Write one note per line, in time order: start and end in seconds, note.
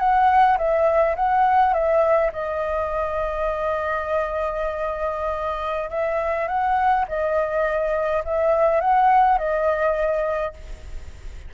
0.00 0.58 F#5
0.58 1.16 E5
1.16 1.74 F#5
1.74 2.32 E5
2.33 5.90 D#5
5.90 6.48 E5
6.48 7.06 F#5
7.08 8.24 D#5
8.25 8.81 E5
8.81 9.39 F#5
9.39 10.54 D#5